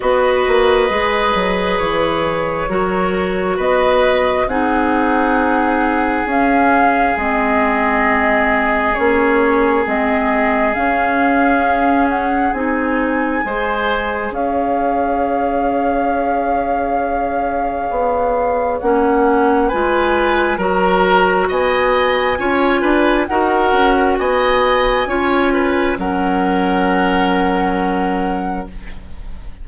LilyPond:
<<
  \new Staff \with { instrumentName = "flute" } { \time 4/4 \tempo 4 = 67 dis''2 cis''2 | dis''4 fis''2 f''4 | dis''2 cis''4 dis''4 | f''4. fis''8 gis''2 |
f''1~ | f''4 fis''4 gis''4 ais''4 | gis''2 fis''4 gis''4~ | gis''4 fis''2. | }
  \new Staff \with { instrumentName = "oboe" } { \time 4/4 b'2. ais'4 | b'4 gis'2.~ | gis'1~ | gis'2. c''4 |
cis''1~ | cis''2 b'4 ais'4 | dis''4 cis''8 b'8 ais'4 dis''4 | cis''8 b'8 ais'2. | }
  \new Staff \with { instrumentName = "clarinet" } { \time 4/4 fis'4 gis'2 fis'4~ | fis'4 dis'2 cis'4 | c'2 cis'4 c'4 | cis'2 dis'4 gis'4~ |
gis'1~ | gis'4 cis'4 f'4 fis'4~ | fis'4 f'4 fis'2 | f'4 cis'2. | }
  \new Staff \with { instrumentName = "bassoon" } { \time 4/4 b8 ais8 gis8 fis8 e4 fis4 | b4 c'2 cis'4 | gis2 ais4 gis4 | cis'2 c'4 gis4 |
cis'1 | b4 ais4 gis4 fis4 | b4 cis'8 d'8 dis'8 cis'8 b4 | cis'4 fis2. | }
>>